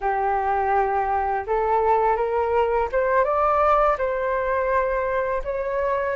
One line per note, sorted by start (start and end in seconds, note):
0.00 1.45 G4
1.46 2.16 A4
2.16 2.88 A#4
2.92 3.24 C5
3.24 3.96 D5
3.98 5.42 C5
5.44 6.15 C#5